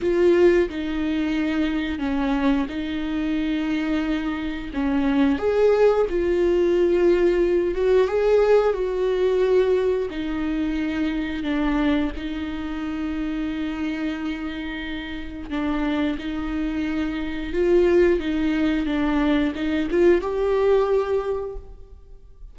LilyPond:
\new Staff \with { instrumentName = "viola" } { \time 4/4 \tempo 4 = 89 f'4 dis'2 cis'4 | dis'2. cis'4 | gis'4 f'2~ f'8 fis'8 | gis'4 fis'2 dis'4~ |
dis'4 d'4 dis'2~ | dis'2. d'4 | dis'2 f'4 dis'4 | d'4 dis'8 f'8 g'2 | }